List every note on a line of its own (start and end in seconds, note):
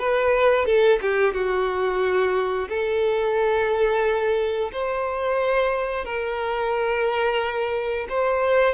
0.00 0.66 B4
0.66 1.00 A4
1.02 1.34 G4
1.34 2.69 F#4
2.69 4.72 A4
4.73 6.06 C5
6.06 8.08 A#4
8.10 8.75 C5